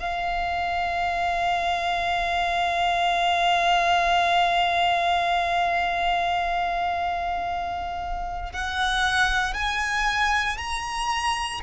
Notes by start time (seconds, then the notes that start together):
0.00 F5
8.53 F#5
9.54 G#5
10.58 A#5